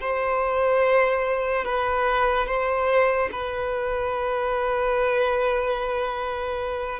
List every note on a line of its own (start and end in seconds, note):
0.00 1.64 C5
1.65 2.47 B4
2.47 3.29 C5
3.32 6.99 B4